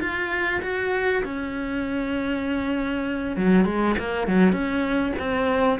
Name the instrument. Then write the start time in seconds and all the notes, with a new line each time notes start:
cello
0.00 F4
0.62 F#4
1.24 C#4
3.36 F#3
3.65 G#3
3.98 A#3
4.27 F#3
4.52 C#4
5.18 C4